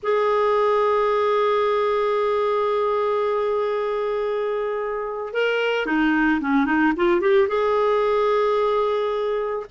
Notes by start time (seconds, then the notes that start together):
0.02 G#4
5.33 A#4
5.85 D#4
6.40 C#4
6.65 D#4
6.96 F4
7.20 G4
7.48 G#4